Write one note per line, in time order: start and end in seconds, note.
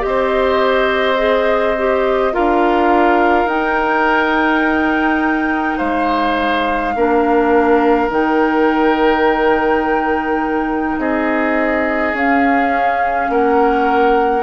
0.00 2.34 C4
0.00 1.15 G4
0.00 2.34 D#5
0.06 2.33 C5
1.17 1.75 G#4
1.78 2.32 G4
2.32 3.45 D4
2.32 3.48 F4
2.32 5.77 A#4
2.32 3.48 F5
3.45 5.75 D#4
3.45 6.94 D#4
3.45 5.78 G5
5.77 6.95 G#3
5.77 6.93 C5
5.77 8.09 F5
6.95 8.08 A#3
6.95 8.10 D4
6.95 11.00 A#4
8.08 10.97 D#3
8.08 12.14 D#4
8.08 11.00 G5
10.98 12.13 C4
10.98 13.31 G#4
10.98 12.15 D#5
12.13 13.28 C#4
12.13 14.43 C#4
12.13 13.31 F5
13.29 14.43 A#3
13.29 14.43 A#4
13.29 14.43 F#5